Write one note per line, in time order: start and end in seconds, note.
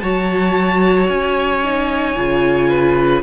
0.00 1.09 F#3
0.00 1.63 F#4
0.00 2.69 C#5
0.00 1.07 A5
1.08 2.16 C#4
1.08 3.22 G#5
1.64 2.17 D#4
2.16 3.22 C#3
2.16 3.22 F4
2.69 3.22 B4